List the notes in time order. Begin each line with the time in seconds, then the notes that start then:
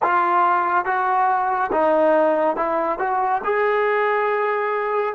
0.02 F4
0.85 F#4
1.72 D#4
2.56 E4
2.98 F#4
3.44 G#4